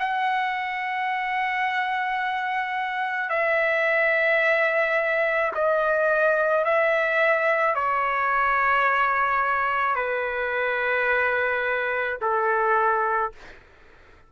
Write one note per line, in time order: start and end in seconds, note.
0.00 3.30 F#5
3.30 5.52 E5
5.55 6.65 D#5
6.65 7.76 E5
7.76 9.96 C#5
9.96 12.18 B4
12.22 13.33 A4